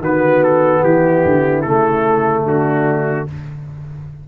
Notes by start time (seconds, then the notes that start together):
0.00 D#3 B3 F#4 B4
0.44 A4
0.84 E3 E4 G4
1.25 D3
1.62 C#3 A3 A4
2.45 D3 D4 F#4